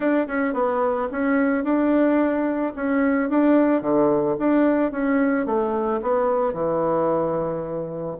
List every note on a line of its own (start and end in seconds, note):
0.00 0.26 D4
0.27 0.53 C#4
0.53 1.08 B3
1.11 1.64 C#4
1.64 2.73 D4
2.75 3.29 C#4
3.29 3.81 D4
3.81 4.36 D3
4.38 4.91 D4
4.91 5.45 C#4
5.45 6.00 A3
6.02 6.53 B3
6.53 8.16 E3